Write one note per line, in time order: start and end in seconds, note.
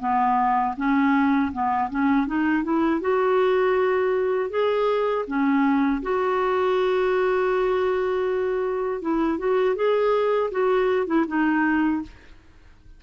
0.00 0.75 B3
0.77 1.52 C#4
1.53 1.90 B3
1.90 2.27 C#4
2.27 2.64 D#4
2.64 3.01 E4
3.01 4.50 F#4
4.50 5.25 G#4
5.27 6.02 C#4
6.03 9.02 F#4
9.02 9.39 E4
9.39 9.76 F#4
9.76 10.51 G#4
10.52 11.07 F#4
11.07 11.26 E4
11.28 12.03 D#4